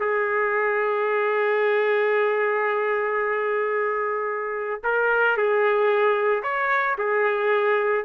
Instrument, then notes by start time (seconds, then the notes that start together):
trumpet
0.00 G#4
4.84 A#4
5.37 G#4
6.43 C#5
6.98 G#4